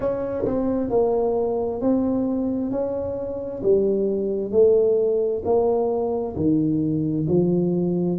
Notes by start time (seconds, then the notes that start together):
0.00 C#4
0.45 C4
0.90 A#3
1.81 C4
2.71 C#4
3.62 G3
4.51 A3
5.44 A#3
6.36 D#3
7.28 F3